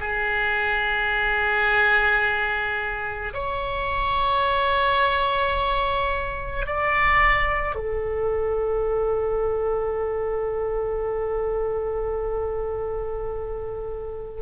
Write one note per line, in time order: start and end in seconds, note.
0.00 3.33 G#4
3.34 6.66 C#5
6.66 7.75 D5
7.75 14.42 A4